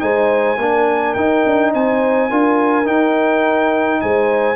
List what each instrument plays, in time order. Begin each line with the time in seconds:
0.00 tuba G#3, trombone D#4, horn C5, trumpet G#5
0.58 tuba A#3, trombone D4, horn A#4
1.14 tuba D#4, trombone D#4, trumpet G5
1.46 tuba D4
1.73 tuba C4, horn C5, trumpet G#5
2.30 tuba D4, trombone F4, horn A#4
2.85 trombone D#4, tuba D#4, trumpet G5
4.01 tuba G#3, horn C5, trumpet G#5